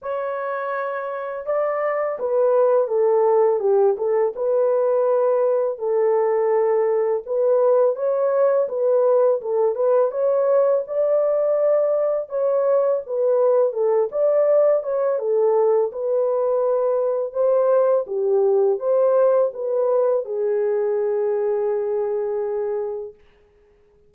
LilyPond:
\new Staff \with { instrumentName = "horn" } { \time 4/4 \tempo 4 = 83 cis''2 d''4 b'4 | a'4 g'8 a'8 b'2 | a'2 b'4 cis''4 | b'4 a'8 b'8 cis''4 d''4~ |
d''4 cis''4 b'4 a'8 d''8~ | d''8 cis''8 a'4 b'2 | c''4 g'4 c''4 b'4 | gis'1 | }